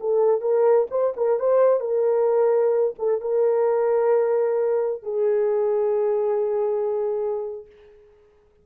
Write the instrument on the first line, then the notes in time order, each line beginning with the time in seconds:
horn
0.00 A4
0.41 A#4
0.90 C5
1.16 A#4
1.39 C5
1.80 A#4
2.98 A4
3.21 A#4
5.02 G#4